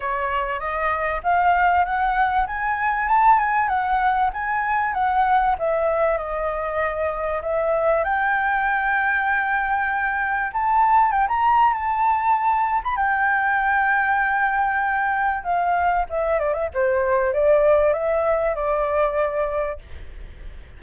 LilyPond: \new Staff \with { instrumentName = "flute" } { \time 4/4 \tempo 4 = 97 cis''4 dis''4 f''4 fis''4 | gis''4 a''8 gis''8 fis''4 gis''4 | fis''4 e''4 dis''2 | e''4 g''2.~ |
g''4 a''4 g''16 ais''8. a''4~ | a''8. b''16 g''2.~ | g''4 f''4 e''8 d''16 e''16 c''4 | d''4 e''4 d''2 | }